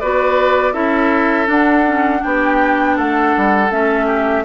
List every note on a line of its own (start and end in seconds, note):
0.00 0.74 B3
0.00 0.74 F#4
0.00 0.74 B4
0.00 0.73 D5
0.73 1.48 C#4
0.73 1.47 E4
0.73 2.22 A4
0.73 1.48 E5
1.47 1.84 D4
1.47 2.23 D4
1.47 2.24 F#5
1.87 2.19 C#4
2.19 2.99 B3
2.19 3.67 D4
2.19 2.98 G5
2.26 2.96 G4
2.96 3.36 A3
2.96 4.06 A4
2.96 3.71 F#5
3.37 3.71 G3
3.71 4.45 A3
3.71 4.45 C#4
3.71 4.45 E5
4.06 4.44 G4